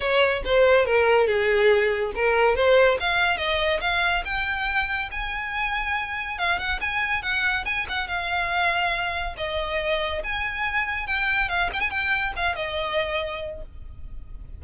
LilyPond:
\new Staff \with { instrumentName = "violin" } { \time 4/4 \tempo 4 = 141 cis''4 c''4 ais'4 gis'4~ | gis'4 ais'4 c''4 f''4 | dis''4 f''4 g''2 | gis''2. f''8 fis''8 |
gis''4 fis''4 gis''8 fis''8 f''4~ | f''2 dis''2 | gis''2 g''4 f''8 g''16 gis''16 | g''4 f''8 dis''2~ dis''8 | }